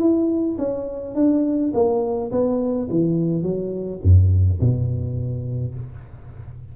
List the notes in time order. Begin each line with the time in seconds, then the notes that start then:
0.00 E4
0.58 C#4
1.15 D4
1.74 A#3
2.31 B3
2.91 E3
3.43 F#3
4.03 F#2
4.61 B2